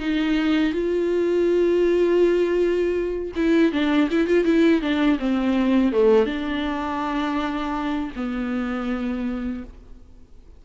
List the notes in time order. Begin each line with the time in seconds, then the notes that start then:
0.00 D#4
0.73 F4
3.36 E4
3.72 D4
4.11 E4
4.27 F4
4.45 E4
4.81 D4
5.19 C4
5.92 A3
6.26 D4
8.16 B3